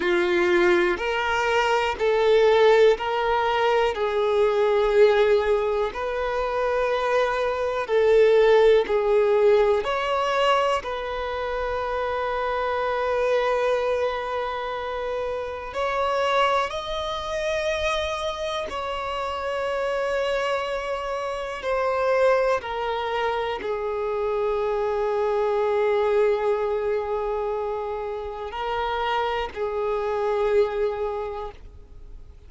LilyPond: \new Staff \with { instrumentName = "violin" } { \time 4/4 \tempo 4 = 61 f'4 ais'4 a'4 ais'4 | gis'2 b'2 | a'4 gis'4 cis''4 b'4~ | b'1 |
cis''4 dis''2 cis''4~ | cis''2 c''4 ais'4 | gis'1~ | gis'4 ais'4 gis'2 | }